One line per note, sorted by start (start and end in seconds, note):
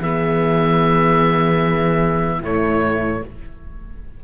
0.00 2.40 E3
0.00 2.42 B3
0.00 2.38 G#4
0.00 2.42 E5
2.38 3.20 A2
2.38 3.22 A3
2.38 3.18 E4
2.38 3.24 C#5